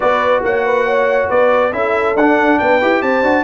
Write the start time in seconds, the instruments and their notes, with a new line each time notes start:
0.00 tuba B3, trombone F#4, horn B4, trumpet D5
0.43 tuba A#3, horn C#5, trumpet F#5
0.65 horn B4
0.86 horn C#5
1.28 tuba B3, horn B4, trumpet D5
1.72 tuba C#4, trombone E4, horn A4, trumpet E5
2.14 tuba D4, trombone D4, trumpet F#5
2.59 tuba B3, horn B4, trumpet G5
2.81 tuba E4, trombone G4
3.02 tuba C4, horn C5, trumpet A5
3.22 tuba D4, trombone F#4